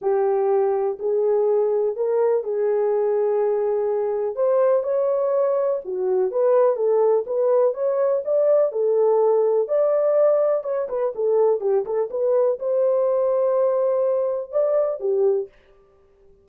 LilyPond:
\new Staff \with { instrumentName = "horn" } { \time 4/4 \tempo 4 = 124 g'2 gis'2 | ais'4 gis'2.~ | gis'4 c''4 cis''2 | fis'4 b'4 a'4 b'4 |
cis''4 d''4 a'2 | d''2 cis''8 b'8 a'4 | g'8 a'8 b'4 c''2~ | c''2 d''4 g'4 | }